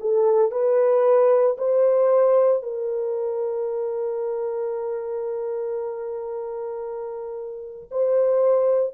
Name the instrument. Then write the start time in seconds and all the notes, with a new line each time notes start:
horn
0.00 A4
0.51 B4
1.58 C5
2.63 A#4
7.91 C5